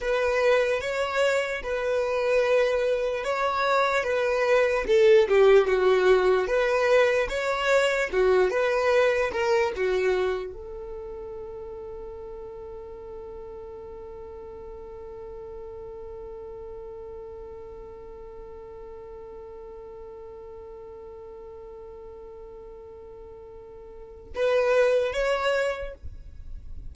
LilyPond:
\new Staff \with { instrumentName = "violin" } { \time 4/4 \tempo 4 = 74 b'4 cis''4 b'2 | cis''4 b'4 a'8 g'8 fis'4 | b'4 cis''4 fis'8 b'4 ais'8 | fis'4 a'2.~ |
a'1~ | a'1~ | a'1~ | a'2 b'4 cis''4 | }